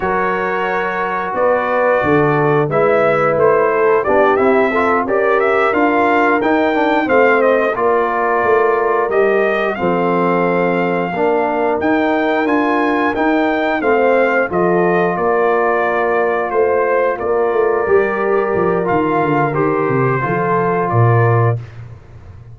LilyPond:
<<
  \new Staff \with { instrumentName = "trumpet" } { \time 4/4 \tempo 4 = 89 cis''2 d''2 | e''4 c''4 d''8 e''4 d''8 | e''8 f''4 g''4 f''8 dis''8 d''8~ | d''4. dis''4 f''4.~ |
f''4. g''4 gis''4 g''8~ | g''8 f''4 dis''4 d''4.~ | d''8 c''4 d''2~ d''8 | f''4 c''2 d''4 | }
  \new Staff \with { instrumentName = "horn" } { \time 4/4 ais'2 b'4 a'4 | b'4. a'8 g'4 a'8 ais'8~ | ais'2~ ais'8 c''4 ais'8~ | ais'2~ ais'8 a'4.~ |
a'8 ais'2.~ ais'8~ | ais'8 c''4 a'4 ais'4.~ | ais'8 c''4 ais'2~ ais'8~ | ais'2 a'4 ais'4 | }
  \new Staff \with { instrumentName = "trombone" } { \time 4/4 fis'1 | e'2 d'8 e'8 f'8 g'8~ | g'8 f'4 dis'8 d'8 c'4 f'8~ | f'4. g'4 c'4.~ |
c'8 d'4 dis'4 f'4 dis'8~ | dis'8 c'4 f'2~ f'8~ | f'2~ f'8 g'4. | f'4 g'4 f'2 | }
  \new Staff \with { instrumentName = "tuba" } { \time 4/4 fis2 b4 d4 | gis4 a4 b8 c'4 cis'8~ | cis'8 d'4 dis'4 a4 ais8~ | ais8 a4 g4 f4.~ |
f8 ais4 dis'4 d'4 dis'8~ | dis'8 a4 f4 ais4.~ | ais8 a4 ais8 a8 g4 f8 | dis8 d8 dis8 c8 f4 ais,4 | }
>>